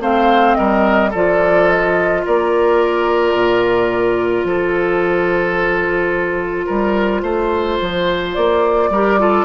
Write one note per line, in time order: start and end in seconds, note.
0.00 0.56 A3
0.00 1.12 C4
0.00 0.57 C5
0.00 0.55 F5
0.55 1.14 G3
0.55 1.10 A#4
0.55 1.11 D#5
1.10 2.25 F3
1.10 8.93 F4
1.10 2.22 A4
1.10 1.69 D5
1.69 2.24 D#5
2.25 3.35 A#3
2.25 4.47 A#4
2.25 4.47 D5
3.35 4.44 A#2
4.44 6.66 F3
4.44 6.66 A4
4.44 8.34 C5
6.66 7.22 G3
6.66 7.22 A#4
7.22 7.78 A3
7.22 8.90 C5
7.81 8.37 F3
8.34 8.90 A#3
8.34 9.45 D5
8.90 9.45 G3
8.90 9.19 G4
8.90 9.20 A#4
9.19 9.45 F4
9.19 9.45 A4